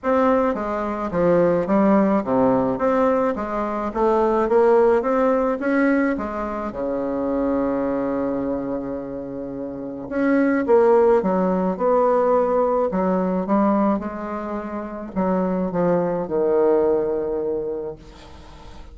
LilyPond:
\new Staff \with { instrumentName = "bassoon" } { \time 4/4 \tempo 4 = 107 c'4 gis4 f4 g4 | c4 c'4 gis4 a4 | ais4 c'4 cis'4 gis4 | cis1~ |
cis2 cis'4 ais4 | fis4 b2 fis4 | g4 gis2 fis4 | f4 dis2. | }